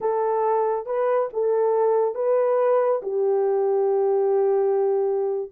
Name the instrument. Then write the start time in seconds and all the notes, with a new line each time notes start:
horn
0.00 A4
0.85 B4
1.33 A4
2.15 B4
3.02 G4